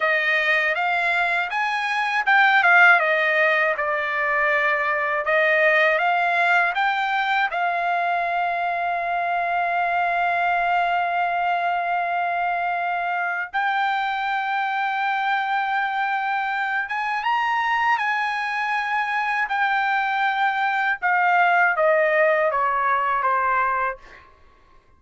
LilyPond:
\new Staff \with { instrumentName = "trumpet" } { \time 4/4 \tempo 4 = 80 dis''4 f''4 gis''4 g''8 f''8 | dis''4 d''2 dis''4 | f''4 g''4 f''2~ | f''1~ |
f''2 g''2~ | g''2~ g''8 gis''8 ais''4 | gis''2 g''2 | f''4 dis''4 cis''4 c''4 | }